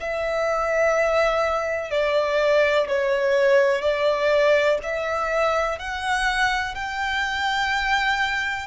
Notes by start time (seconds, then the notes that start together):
0.00 E5
1.90 D5
2.88 C#5
3.82 D5
4.83 E5
5.79 F#5
6.75 G5